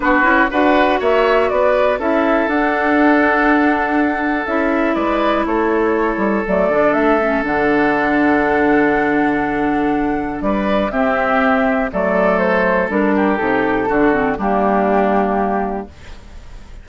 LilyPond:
<<
  \new Staff \with { instrumentName = "flute" } { \time 4/4 \tempo 4 = 121 b'4 fis''4 e''4 d''4 | e''4 fis''2.~ | fis''4 e''4 d''4 cis''4~ | cis''4 d''4 e''4 fis''4~ |
fis''1~ | fis''4 d''4 e''2 | d''4 c''4 ais'4 a'4~ | a'4 g'2. | }
  \new Staff \with { instrumentName = "oboe" } { \time 4/4 fis'4 b'4 cis''4 b'4 | a'1~ | a'2 b'4 a'4~ | a'1~ |
a'1~ | a'4 b'4 g'2 | a'2~ a'8 g'4. | fis'4 d'2. | }
  \new Staff \with { instrumentName = "clarinet" } { \time 4/4 d'8 e'8 fis'2. | e'4 d'2.~ | d'4 e'2.~ | e'4 a8 d'4 cis'8 d'4~ |
d'1~ | d'2 c'2 | a2 d'4 dis'4 | d'8 c'8 ais2. | }
  \new Staff \with { instrumentName = "bassoon" } { \time 4/4 b8 cis'8 d'4 ais4 b4 | cis'4 d'2.~ | d'4 cis'4 gis4 a4~ | a8 g8 fis8 d8 a4 d4~ |
d1~ | d4 g4 c'2 | fis2 g4 c4 | d4 g2. | }
>>